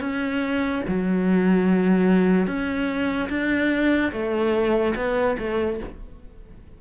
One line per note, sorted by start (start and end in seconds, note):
0.00 0.82 C#4
0.88 2.47 F#3
2.47 3.29 C#4
3.30 4.12 D4
4.12 4.95 A3
4.96 5.37 B3
5.39 5.80 A3